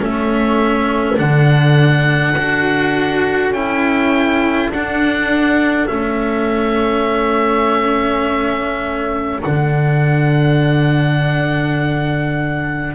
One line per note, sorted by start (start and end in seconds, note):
0.00 1.19 A3
0.00 1.17 C#4
0.00 12.95 A4
0.00 1.19 E5
1.17 2.37 D3
1.17 2.35 D4
1.17 3.53 F#5
2.37 3.51 D4
2.37 3.54 F#4
3.51 4.69 C#4
3.51 4.72 E4
3.51 4.71 G5
4.69 5.87 D4
4.69 5.89 D4
4.69 5.87 F#5
5.87 9.43 A3
5.87 9.42 C#4
5.87 9.40 E5
9.43 12.95 D3
9.43 12.95 D4
9.43 12.95 F#5